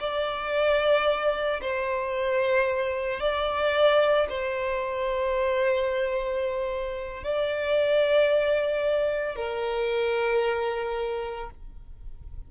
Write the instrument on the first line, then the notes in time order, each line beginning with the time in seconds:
violin
0.00 D5
1.61 C5
3.20 D5
4.30 C5
7.24 D5
9.36 A#4